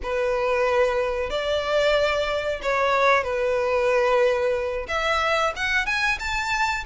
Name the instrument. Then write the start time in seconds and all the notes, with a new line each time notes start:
violin
0.02 B4
1.30 D5
2.62 C#5
3.23 B4
4.87 E5
5.56 F#5
5.85 G#5
6.19 A5